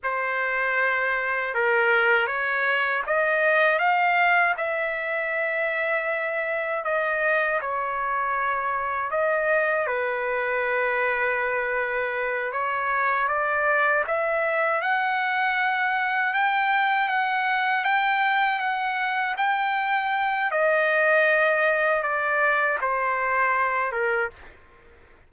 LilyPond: \new Staff \with { instrumentName = "trumpet" } { \time 4/4 \tempo 4 = 79 c''2 ais'4 cis''4 | dis''4 f''4 e''2~ | e''4 dis''4 cis''2 | dis''4 b'2.~ |
b'8 cis''4 d''4 e''4 fis''8~ | fis''4. g''4 fis''4 g''8~ | g''8 fis''4 g''4. dis''4~ | dis''4 d''4 c''4. ais'8 | }